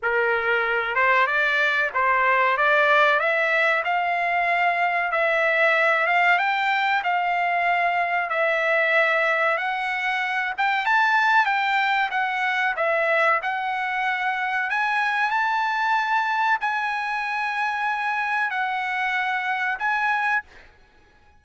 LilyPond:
\new Staff \with { instrumentName = "trumpet" } { \time 4/4 \tempo 4 = 94 ais'4. c''8 d''4 c''4 | d''4 e''4 f''2 | e''4. f''8 g''4 f''4~ | f''4 e''2 fis''4~ |
fis''8 g''8 a''4 g''4 fis''4 | e''4 fis''2 gis''4 | a''2 gis''2~ | gis''4 fis''2 gis''4 | }